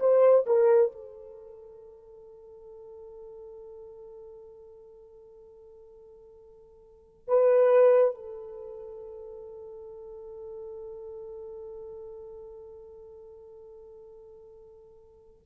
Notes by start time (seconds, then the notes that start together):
0.00 C5
0.47 A#4
0.92 A4
7.28 B4
8.15 A4